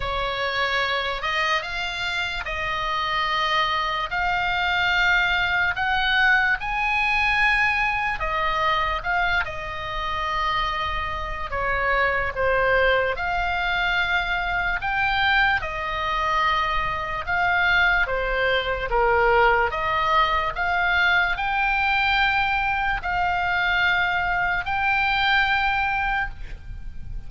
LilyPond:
\new Staff \with { instrumentName = "oboe" } { \time 4/4 \tempo 4 = 73 cis''4. dis''8 f''4 dis''4~ | dis''4 f''2 fis''4 | gis''2 dis''4 f''8 dis''8~ | dis''2 cis''4 c''4 |
f''2 g''4 dis''4~ | dis''4 f''4 c''4 ais'4 | dis''4 f''4 g''2 | f''2 g''2 | }